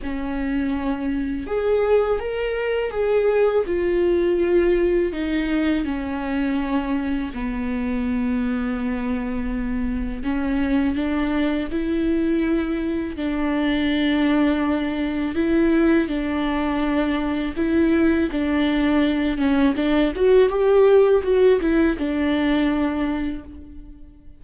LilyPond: \new Staff \with { instrumentName = "viola" } { \time 4/4 \tempo 4 = 82 cis'2 gis'4 ais'4 | gis'4 f'2 dis'4 | cis'2 b2~ | b2 cis'4 d'4 |
e'2 d'2~ | d'4 e'4 d'2 | e'4 d'4. cis'8 d'8 fis'8 | g'4 fis'8 e'8 d'2 | }